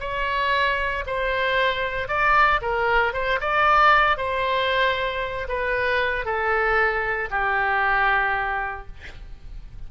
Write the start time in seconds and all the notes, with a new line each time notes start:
0.00 C#5
1.06 C5
2.08 D5
2.62 A#4
3.14 C5
3.40 D5
4.17 C5
5.49 B4
6.25 A4
7.31 G4